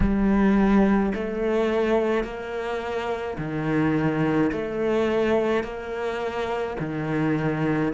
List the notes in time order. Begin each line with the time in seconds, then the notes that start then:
0.00 G3
1.14 A3
2.24 A#3
3.38 D#3
4.51 A3
5.63 A#3
6.79 D#3